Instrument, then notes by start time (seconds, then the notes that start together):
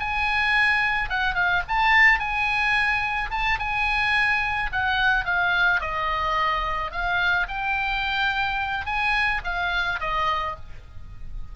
oboe
0.00 G#5
1.10 F#5
1.35 F5
1.69 A5
2.20 G#5
3.31 A5
3.60 G#5
4.72 F#5
5.26 F5
5.81 D#5
6.92 F5
7.48 G5
8.86 G#5
9.44 F5
10.01 D#5